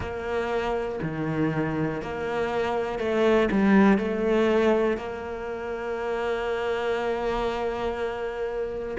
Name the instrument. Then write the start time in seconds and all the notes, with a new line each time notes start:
cello
0.00 A#3
1.02 D#3
2.02 A#3
2.99 A3
3.51 G3
3.98 A3
4.97 A#3